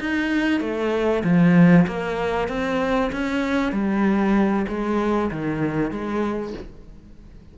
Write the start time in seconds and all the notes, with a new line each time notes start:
0.00 D#4
0.61 A3
1.24 F3
1.87 A#3
2.48 C4
3.12 C#4
3.72 G3
4.68 G#3
5.31 D#3
5.91 G#3